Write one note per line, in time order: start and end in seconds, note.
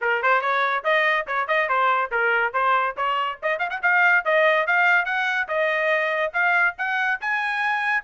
0.01 0.22 A#4
0.22 0.41 C5
0.41 0.83 C#5
0.84 1.26 D#5
1.26 1.47 C#5
1.47 1.68 D#5
1.68 2.10 C5
2.11 2.53 A#4
2.53 2.95 C5
2.97 3.39 C#5
3.42 3.58 D#5
3.58 3.69 F5
3.70 3.80 F#5
3.82 4.24 F5
4.24 4.67 D#5
4.67 5.05 F5
5.05 5.47 F#5
5.47 6.32 D#5
6.33 6.75 F5
6.78 7.20 F#5
7.21 8.03 G#5